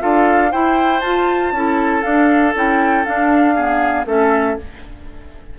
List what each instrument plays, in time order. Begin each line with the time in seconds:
0.00 bassoon D4, clarinet F4, oboe A4, flute F5
0.52 clarinet E4, bassoon E4, oboe C5, flute G5
1.01 bassoon F4, clarinet F4, flute A5
1.52 bassoon C#4, clarinet E4, oboe A4
2.02 clarinet D4, bassoon D4, flute F5
2.55 bassoon C#4, clarinet E4, flute G5
3.05 clarinet D4, bassoon D4, flute F5
3.55 clarinet B3, oboe G#4
4.06 bassoon A3, clarinet C#4, oboe A4, flute E5